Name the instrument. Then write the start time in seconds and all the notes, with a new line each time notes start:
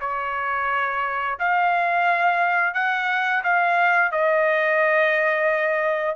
trumpet
0.00 C#5
1.39 F5
2.74 F#5
3.43 F5
4.11 D#5